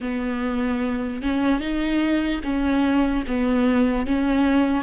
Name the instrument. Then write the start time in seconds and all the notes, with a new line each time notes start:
viola
0.00 B3
1.22 C#4
1.60 D#4
2.43 C#4
3.27 B3
4.06 C#4